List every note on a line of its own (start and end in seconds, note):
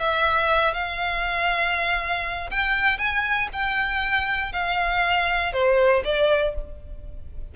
0.00 0.74 E5
0.74 2.50 F5
2.51 2.98 G5
2.98 3.49 G#5
3.53 4.53 G5
4.53 5.53 F5
5.53 6.04 C5
6.05 6.55 D5